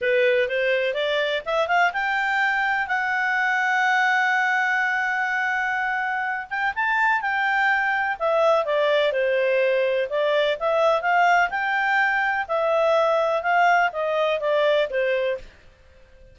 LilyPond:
\new Staff \with { instrumentName = "clarinet" } { \time 4/4 \tempo 4 = 125 b'4 c''4 d''4 e''8 f''8 | g''2 fis''2~ | fis''1~ | fis''4. g''8 a''4 g''4~ |
g''4 e''4 d''4 c''4~ | c''4 d''4 e''4 f''4 | g''2 e''2 | f''4 dis''4 d''4 c''4 | }